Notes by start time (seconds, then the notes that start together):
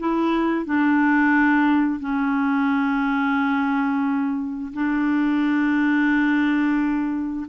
0.00 E4
0.66 D4
2.00 C#4
4.74 D4